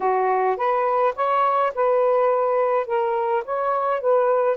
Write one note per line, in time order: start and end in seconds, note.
0.00 0.56 F#4
0.56 1.14 B4
1.15 1.72 C#5
1.74 2.86 B4
2.86 3.43 A#4
3.44 4.00 C#5
4.00 4.56 B4